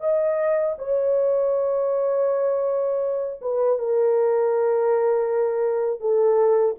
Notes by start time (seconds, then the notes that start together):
0.00 D#5
0.78 C#5
3.41 B4
3.78 A#4
6.00 A4